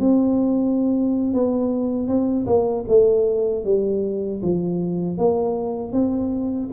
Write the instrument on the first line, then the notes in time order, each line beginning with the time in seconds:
tuba
0.00 C4
1.34 B3
2.08 C4
2.47 A#3
2.88 A3
3.65 G3
4.43 F3
5.18 A#3
5.93 C4